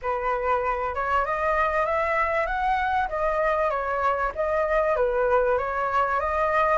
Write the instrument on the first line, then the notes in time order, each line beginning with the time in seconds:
flute
0.02 B4
0.94 C#5
1.25 D#5
1.86 E5
2.46 F#5
3.08 D#5
3.70 C#5
4.35 D#5
4.96 B4
5.58 C#5
6.19 D#5